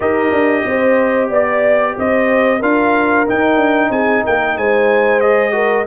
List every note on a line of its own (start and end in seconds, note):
0.00 0.31 D#4
0.00 2.59 G4
0.00 0.64 A#4
0.00 1.30 D#5
0.31 0.64 D4
0.66 1.30 C4
0.66 1.29 C5
1.29 1.95 B3
1.29 1.94 D5
1.29 1.98 D5
1.97 2.62 C4
1.97 2.59 C5
1.97 2.62 D#5
2.59 3.27 D4
2.59 3.26 F4
2.59 3.90 A#4
2.59 3.27 F5
3.26 5.22 D#4
3.26 3.56 D#4
3.26 3.91 G5
3.56 3.89 D4
3.90 4.22 C4
3.90 4.24 G#4
3.90 4.24 G#5
4.24 4.56 A#3
4.24 4.56 A#4
4.24 4.57 G5
4.56 5.87 G#3
4.56 5.54 C5
4.56 5.20 G#5
5.20 5.51 G#4
5.20 5.85 D#5
5.51 5.84 F#4
5.51 5.86 A#4